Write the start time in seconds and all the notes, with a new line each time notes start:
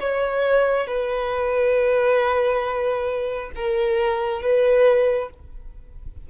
0.00 C#5
0.87 B4
3.56 A#4
4.42 B4